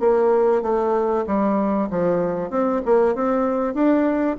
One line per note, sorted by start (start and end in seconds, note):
0.00 0.62 A#3
0.62 1.25 A3
1.26 1.89 G3
1.90 2.50 F3
2.50 2.82 C4
2.85 3.15 A#3
3.15 3.74 C4
3.74 4.37 D4